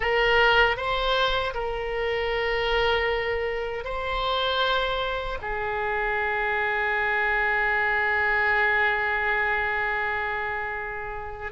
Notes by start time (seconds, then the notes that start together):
0.00 A#4
0.77 C5
1.53 A#4
3.84 C5
5.41 G#4